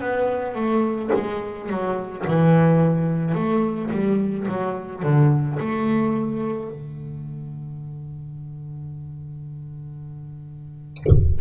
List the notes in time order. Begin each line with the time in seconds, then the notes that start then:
0.00 B3
0.55 A3
1.14 G#3
1.69 F#3
2.26 E3
3.34 A3
3.90 G3
4.47 F#3
5.02 D3
5.59 A3
6.70 D3